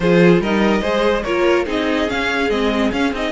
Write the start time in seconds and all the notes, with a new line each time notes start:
0.00 F3 F4 G#4 C5
0.40 G3 D#4 A#4 D#5
0.81 G#3 G#4 C5
1.23 A#3 F4 A#4 C#5
1.65 C4 D#4 G#4 D#5
2.07 C#4 F5
2.49 G#3 C4 D#5
2.91 C#4 F5
3.12 C4 D#4 D#5